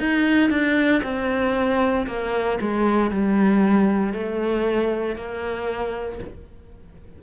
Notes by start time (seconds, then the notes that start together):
0.00 D#4
0.50 D4
1.03 C4
2.07 A#3
2.61 G#3
3.11 G3
4.14 A3
5.16 A#3